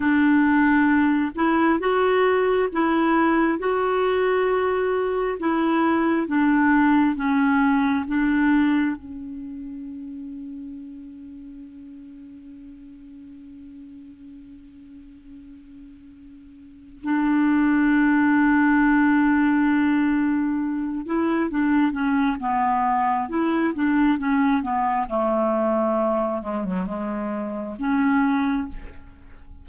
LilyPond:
\new Staff \with { instrumentName = "clarinet" } { \time 4/4 \tempo 4 = 67 d'4. e'8 fis'4 e'4 | fis'2 e'4 d'4 | cis'4 d'4 cis'2~ | cis'1~ |
cis'2. d'4~ | d'2.~ d'8 e'8 | d'8 cis'8 b4 e'8 d'8 cis'8 b8 | a4. gis16 fis16 gis4 cis'4 | }